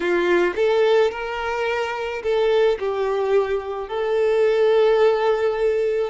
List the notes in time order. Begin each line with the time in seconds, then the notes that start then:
0.00 F4
0.55 A4
1.11 A#4
2.22 A4
2.79 G4
3.88 A4